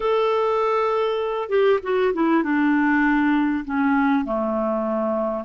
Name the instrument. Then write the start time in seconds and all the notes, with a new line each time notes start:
clarinet
0.00 A4
1.48 G4
1.82 F#4
2.13 E4
2.43 D4
3.64 C#4
4.24 A3